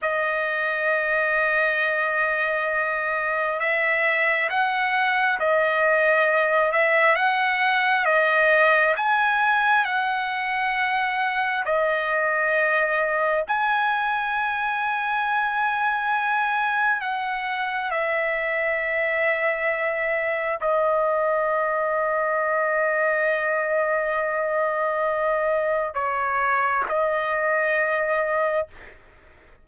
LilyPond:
\new Staff \with { instrumentName = "trumpet" } { \time 4/4 \tempo 4 = 67 dis''1 | e''4 fis''4 dis''4. e''8 | fis''4 dis''4 gis''4 fis''4~ | fis''4 dis''2 gis''4~ |
gis''2. fis''4 | e''2. dis''4~ | dis''1~ | dis''4 cis''4 dis''2 | }